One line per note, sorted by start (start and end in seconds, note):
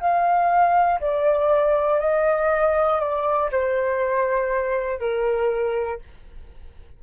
0.00 1.00 F5
1.00 2.00 D5
2.00 3.00 D#5
3.00 3.50 D5
3.51 4.99 C5
4.99 5.99 A#4